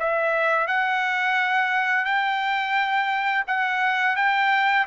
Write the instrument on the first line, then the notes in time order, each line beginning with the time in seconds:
trumpet
0.00 E5
0.67 F#5
2.05 G5
3.48 F#5
4.16 G5